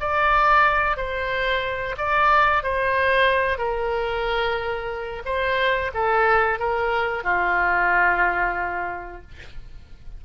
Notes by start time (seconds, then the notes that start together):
0.00 D5
0.97 C5
1.98 D5
2.63 C5
3.58 A#4
5.25 C5
5.94 A4
6.59 A#4
7.23 F4